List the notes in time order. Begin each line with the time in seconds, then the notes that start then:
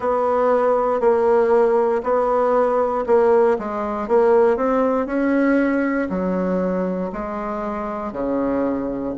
0.00 B3
1.00 A#3
2.03 B3
3.06 A#3
3.58 G#3
4.08 A#3
4.57 C4
5.06 C#4
6.09 F#3
7.12 G#3
8.12 C#3